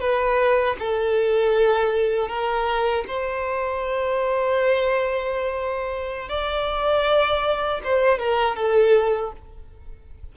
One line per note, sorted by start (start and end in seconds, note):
0.00 0.76 B4
0.79 2.28 A4
2.28 3.04 A#4
3.08 6.29 C5
6.29 7.81 D5
7.84 8.19 C5
8.19 8.55 A#4
8.55 9.31 A4